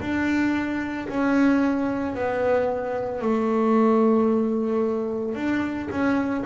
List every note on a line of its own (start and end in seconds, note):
0.00 1.07 D4
1.08 2.14 C#4
2.14 3.21 B3
3.21 5.34 A3
5.34 5.88 D4
5.90 6.44 C#4